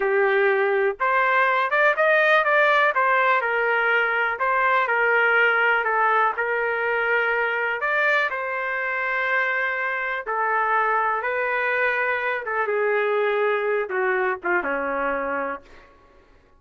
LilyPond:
\new Staff \with { instrumentName = "trumpet" } { \time 4/4 \tempo 4 = 123 g'2 c''4. d''8 | dis''4 d''4 c''4 ais'4~ | ais'4 c''4 ais'2 | a'4 ais'2. |
d''4 c''2.~ | c''4 a'2 b'4~ | b'4. a'8 gis'2~ | gis'8 fis'4 f'8 cis'2 | }